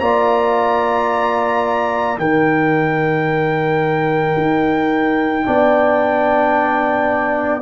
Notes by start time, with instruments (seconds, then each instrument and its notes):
0.00 tuba A#3, trombone F4, horn D5, trumpet A#5
2.17 tuba D#3, trombone D#4, horn A#4, trumpet G5
4.37 tuba D#4
5.43 tuba B3, trombone D4, horn D5